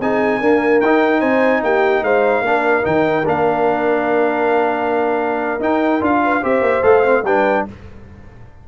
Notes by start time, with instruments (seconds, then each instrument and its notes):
0.00 tuba C4, trombone D#4, horn G#4, trumpet G#5
0.40 trombone A#3, tuba D4, horn A#4
0.81 tuba D#4, trombone D#4, trumpet G5
1.20 tuba C4, horn C5, trumpet G#5
1.63 tuba A#3, horn G4, trumpet G5
2.02 tuba G#3, horn C5, trumpet F5
2.41 tuba A#3, trombone D4, horn A#4
2.83 tuba D#3, trombone D#4, trumpet G5
3.25 tuba A#3, trombone D4, trumpet F5
5.59 tuba D#4, trombone D#4, trumpet G5
6.01 tuba D4, trombone F4, trumpet F5
6.24 horn B4
6.42 tuba C4, trombone G4, horn C5, trumpet E5
6.61 tuba A#3
6.83 tuba A3, trombone A4, trumpet F5
7.03 trombone C4
7.24 tuba G3, trombone D4, horn B4, trumpet G5